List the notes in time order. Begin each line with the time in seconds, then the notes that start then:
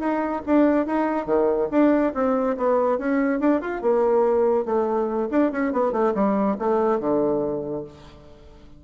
0.00 D#4
0.47 D4
0.87 D#4
1.26 D#3
1.71 D4
2.15 C4
2.58 B3
2.99 C#4
3.40 D4
3.61 F4
3.82 A#3
4.66 A3
5.31 D4
5.52 C#4
5.73 B3
5.93 A3
6.15 G3
6.59 A3
7.00 D3